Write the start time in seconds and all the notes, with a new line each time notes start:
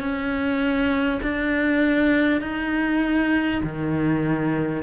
0.00 C#4
1.23 D4
2.42 D#4
3.63 D#3